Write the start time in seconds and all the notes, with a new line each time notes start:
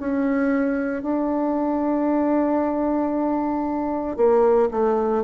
0.00 C#4
1.03 D4
4.17 A#3
4.71 A3